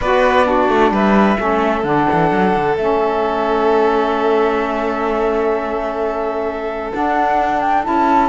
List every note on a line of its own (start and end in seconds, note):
0.00 0.68 B3
0.00 0.44 F#4
0.00 0.47 B4
0.00 0.93 D5
0.44 1.36 D4
0.44 0.93 F#4
0.68 0.90 A3
0.90 1.36 G3
0.90 1.39 B4
0.90 1.83 E5
1.37 1.83 A3
1.37 1.83 C#4
1.37 8.29 A4
1.83 2.06 D3
1.83 2.76 D4
1.83 2.76 F#5
2.12 2.30 E3
2.30 2.53 F#3
2.55 2.77 D3
2.76 6.93 A3
2.76 6.93 C#4
2.76 6.91 E5
6.93 7.83 D4
6.93 7.86 D4
6.93 7.60 F#5
7.60 7.83 G5
7.83 8.29 C#4
7.83 8.29 E4
7.83 8.29 A5